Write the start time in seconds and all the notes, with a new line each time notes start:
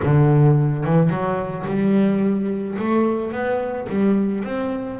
0.02 D3
0.84 E3
1.09 F#3
1.66 G3
2.78 A3
3.32 B3
3.89 G3
4.43 C4